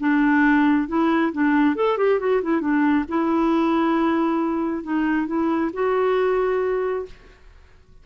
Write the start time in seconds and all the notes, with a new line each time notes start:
0.00 D4
0.88 E4
1.33 D4
1.76 A4
1.98 G4
2.20 F#4
2.42 E4
2.61 D4
3.09 E4
4.83 D#4
5.27 E4
5.74 F#4